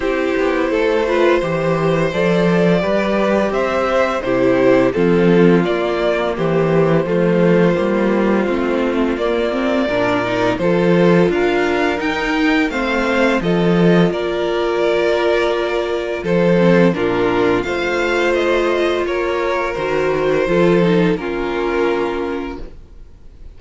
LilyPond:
<<
  \new Staff \with { instrumentName = "violin" } { \time 4/4 \tempo 4 = 85 c''2. d''4~ | d''4 e''4 c''4 a'4 | d''4 c''2.~ | c''4 d''2 c''4 |
f''4 g''4 f''4 dis''4 | d''2. c''4 | ais'4 f''4 dis''4 cis''4 | c''2 ais'2 | }
  \new Staff \with { instrumentName = "violin" } { \time 4/4 g'4 a'8 b'8 c''2 | b'4 c''4 g'4 f'4~ | f'4 g'4 f'2~ | f'2 ais'4 a'4 |
ais'2 c''4 a'4 | ais'2. a'4 | f'4 c''2 ais'4~ | ais'4 a'4 f'2 | }
  \new Staff \with { instrumentName = "viola" } { \time 4/4 e'4. f'8 g'4 a'4 | g'2 e'4 c'4 | ais2 a4 ais4 | c'4 ais8 c'8 d'8 dis'8 f'4~ |
f'4 dis'4 c'4 f'4~ | f'2.~ f'8 c'8 | d'4 f'2. | fis'4 f'8 dis'8 cis'2 | }
  \new Staff \with { instrumentName = "cello" } { \time 4/4 c'8 b8 a4 e4 f4 | g4 c'4 c4 f4 | ais4 e4 f4 g4 | a4 ais4 ais,4 f4 |
d'4 dis'4 a4 f4 | ais2. f4 | ais,4 a2 ais4 | dis4 f4 ais2 | }
>>